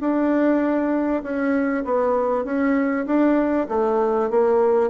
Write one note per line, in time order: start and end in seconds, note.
0.00 1.22 D4
1.23 1.84 C#4
1.85 2.45 B3
2.45 3.06 C#4
3.06 3.68 D4
3.69 4.30 A3
4.30 4.90 A#3